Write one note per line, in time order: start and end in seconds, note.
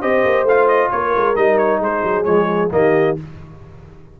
0.00 0.24 C4
0.00 0.47 G4
0.00 0.90 C5
0.00 0.46 D#5
0.25 0.43 A#3
0.43 0.88 A3
0.43 1.35 F4
0.43 0.67 F5
0.67 0.90 D#5
0.91 1.14 A#3
0.91 1.82 A#4
0.91 1.36 C#5
1.15 1.36 G#3
1.35 1.79 G3
1.35 2.24 D#4
1.35 1.58 D#5
1.58 1.80 C#5
1.79 2.02 G#3
1.79 2.74 G#4
1.79 2.24 C5
2.03 2.26 F#3
2.24 2.71 F3
2.24 2.69 G#3
2.24 2.69 C#5
2.71 3.17 D#3
2.71 3.16 A#3
2.71 3.20 G4
2.71 3.17 D#5